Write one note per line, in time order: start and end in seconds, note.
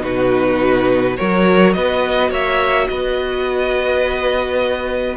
0.00 1.18 B2
0.00 1.14 D#4
0.00 1.17 F#4
0.00 1.16 B4
1.16 1.75 F#3
1.16 5.17 F#4
1.16 1.75 A#4
1.16 1.73 C#5
1.73 2.30 B3
1.73 2.30 B4
1.73 2.30 D#5
2.30 2.87 A#3
2.30 2.87 C#5
2.30 2.87 E5
2.87 5.17 B3
2.87 5.17 B4
2.87 5.16 D#5